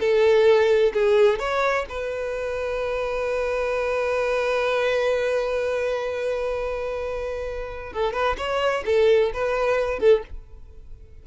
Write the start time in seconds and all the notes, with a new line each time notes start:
0.00 A4
0.94 G#4
1.39 C#5
1.89 B4
7.93 A4
8.13 B4
8.38 C#5
8.86 A4
9.34 B4
10.00 A4